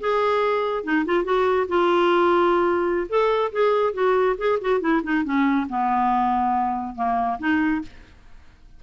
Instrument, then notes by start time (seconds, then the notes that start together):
clarinet
0.00 G#4
0.83 D#4
1.05 F4
1.24 F#4
1.68 F4
3.09 A4
3.52 G#4
3.93 F#4
4.38 G#4
4.61 F#4
4.80 E4
5.03 D#4
5.24 C#4
5.69 B3
6.95 A#3
7.39 D#4